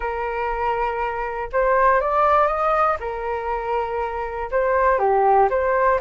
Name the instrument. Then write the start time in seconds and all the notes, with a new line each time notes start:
flute
0.00 A#4
1.52 C5
2.00 D5
2.47 D#5
3.00 A#4
4.51 C5
4.98 G4
5.50 C5